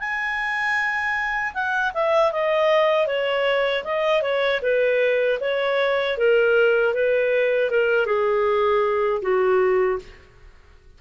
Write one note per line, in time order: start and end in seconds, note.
0.00 1.54 G#5
1.55 1.93 F#5
1.94 2.33 E5
2.33 3.07 D#5
3.07 3.84 C#5
3.85 4.22 D#5
4.22 4.61 C#5
4.63 5.40 B4
5.41 6.18 C#5
6.18 6.94 A#4
6.94 7.71 B4
7.71 8.06 A#4
8.06 9.22 G#4
9.22 9.99 F#4